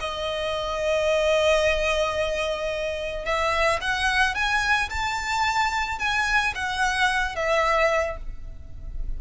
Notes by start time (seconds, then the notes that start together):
0.00 D#5
3.25 E5
3.81 F#5
4.35 G#5
4.90 A5
5.99 G#5
6.55 F#5
7.36 E5